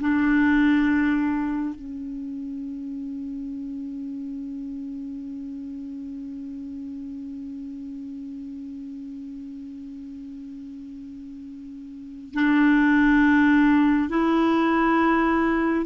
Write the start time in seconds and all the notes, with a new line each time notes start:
0.00 D4
1.75 C#4
12.34 D4
14.09 E4